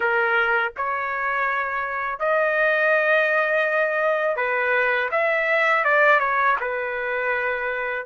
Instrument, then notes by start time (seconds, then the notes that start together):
trumpet
0.00 A#4
0.76 C#5
2.19 D#5
4.36 B4
5.11 E5
5.84 D5
6.19 C#5
6.60 B4